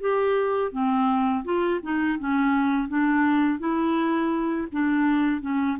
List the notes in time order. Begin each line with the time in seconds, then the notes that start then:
0.00 G4
0.71 C4
1.44 F4
1.82 D#4
2.19 C#4
2.88 D4
3.58 E4
4.72 D4
5.41 C#4